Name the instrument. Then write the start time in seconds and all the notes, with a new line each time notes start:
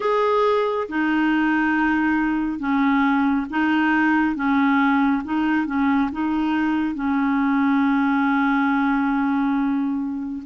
clarinet
0.00 G#4
0.89 D#4
2.59 C#4
3.50 D#4
4.35 C#4
5.24 D#4
5.66 C#4
6.11 D#4
6.94 C#4